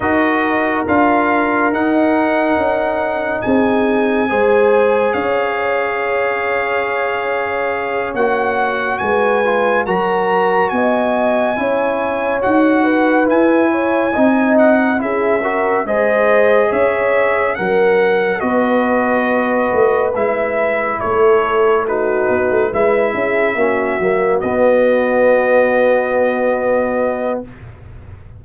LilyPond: <<
  \new Staff \with { instrumentName = "trumpet" } { \time 4/4 \tempo 4 = 70 dis''4 f''4 fis''2 | gis''2 f''2~ | f''4. fis''4 gis''4 ais''8~ | ais''8 gis''2 fis''4 gis''8~ |
gis''4 fis''8 e''4 dis''4 e''8~ | e''8 fis''4 dis''2 e''8~ | e''8 cis''4 b'4 e''4.~ | e''8 dis''2.~ dis''8 | }
  \new Staff \with { instrumentName = "horn" } { \time 4/4 ais'1 | gis'4 c''4 cis''2~ | cis''2~ cis''8 b'4 ais'8~ | ais'8 dis''4 cis''4. b'4 |
cis''8 dis''4 gis'8 ais'8 c''4 cis''8~ | cis''8 ais'4 b'2~ b'8~ | b'8 a'4 fis'4 b'8 gis'8 fis'8~ | fis'1 | }
  \new Staff \with { instrumentName = "trombone" } { \time 4/4 fis'4 f'4 dis'2~ | dis'4 gis'2.~ | gis'4. fis'4. f'8 fis'8~ | fis'4. e'4 fis'4 e'8~ |
e'8 dis'4 e'8 fis'8 gis'4.~ | gis'8 ais'4 fis'2 e'8~ | e'4. dis'4 e'4 cis'8 | ais8 b2.~ b8 | }
  \new Staff \with { instrumentName = "tuba" } { \time 4/4 dis'4 d'4 dis'4 cis'4 | c'4 gis4 cis'2~ | cis'4. ais4 gis4 fis8~ | fis8 b4 cis'4 dis'4 e'8~ |
e'8 c'4 cis'4 gis4 cis'8~ | cis'8 fis4 b4. a8 gis8~ | gis8 a4. b16 a16 gis8 cis'8 ais8 | fis8 b2.~ b8 | }
>>